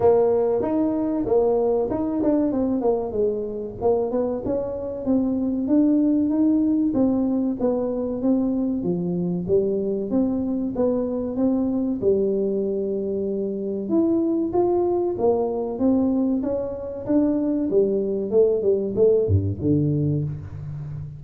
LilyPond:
\new Staff \with { instrumentName = "tuba" } { \time 4/4 \tempo 4 = 95 ais4 dis'4 ais4 dis'8 d'8 | c'8 ais8 gis4 ais8 b8 cis'4 | c'4 d'4 dis'4 c'4 | b4 c'4 f4 g4 |
c'4 b4 c'4 g4~ | g2 e'4 f'4 | ais4 c'4 cis'4 d'4 | g4 a8 g8 a8 g,8 d4 | }